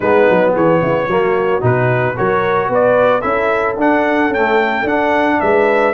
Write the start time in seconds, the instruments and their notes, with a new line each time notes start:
0.00 tuba G#3, trombone B3, horn D#4, trumpet B4
0.29 tuba F#3
0.53 tuba E3, horn G#4, trumpet C#5
0.81 tuba C#3, horn E4
1.07 tuba F#3, trombone A#3, horn F#4
1.60 tuba B2, trombone D#4, trumpet B4
2.16 tuba F#3, trombone F#4, horn A#4, trumpet C#5
2.69 tuba B3, horn B4, trumpet D5
3.20 tuba C#4, trombone E4, horn A4, trumpet E5
3.76 tuba D4, trombone D4, trumpet F#5
4.29 trombone A3, tuba C#4, trumpet G5
4.83 tuba D4, trombone D4, trumpet F#5
5.40 tuba G#3, horn B4, trumpet E5